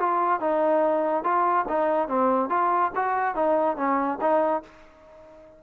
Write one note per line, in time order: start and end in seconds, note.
0.00 0.41 F4
0.41 1.24 D#4
1.24 1.66 F4
1.69 2.09 D#4
2.09 2.50 C4
2.50 2.92 F4
2.96 3.35 F#4
3.35 3.77 D#4
3.77 4.19 C#4
4.21 4.63 D#4